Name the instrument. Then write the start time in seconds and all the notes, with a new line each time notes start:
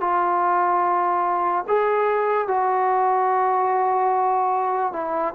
trombone
0.00 F4
1.67 G#4
2.48 F#4
4.93 E4